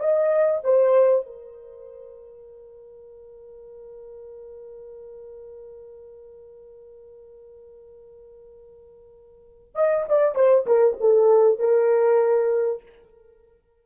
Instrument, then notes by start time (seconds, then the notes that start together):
horn
0.00 D#5
0.64 C5
1.26 A#4
9.75 D#5
10.09 D5
10.35 C5
10.66 A#4
11.00 A4
11.59 A#4